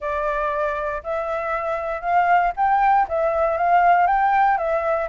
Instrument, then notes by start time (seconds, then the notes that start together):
flute
0.00 D5
1.03 E5
2.01 F5
2.56 G5
3.08 E5
3.57 F5
4.07 G5
4.57 E5